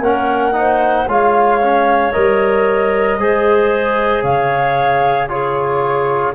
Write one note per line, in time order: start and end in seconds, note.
0.00 1.05 A#3
0.00 0.53 C#4
0.00 0.54 A#4
0.00 1.08 F#5
0.53 1.06 D#4
0.53 1.10 C5
1.08 2.14 G#3
1.08 1.61 F4
1.08 3.20 C#5
1.08 2.13 F5
1.62 2.13 C#4
2.13 3.18 G3
2.13 3.18 A#4
2.13 4.23 D#5
3.18 4.23 G#3
3.18 5.29 G#4
3.18 4.23 C5
4.23 6.34 C#3
4.23 5.29 C#5
4.23 5.29 F5
5.29 6.34 F4
5.29 6.35 G#4
5.29 6.34 C#5